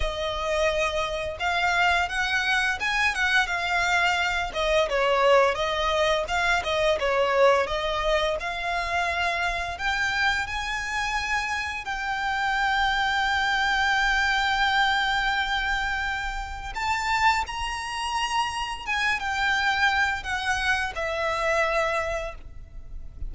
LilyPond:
\new Staff \with { instrumentName = "violin" } { \time 4/4 \tempo 4 = 86 dis''2 f''4 fis''4 | gis''8 fis''8 f''4. dis''8 cis''4 | dis''4 f''8 dis''8 cis''4 dis''4 | f''2 g''4 gis''4~ |
gis''4 g''2.~ | g''1 | a''4 ais''2 gis''8 g''8~ | g''4 fis''4 e''2 | }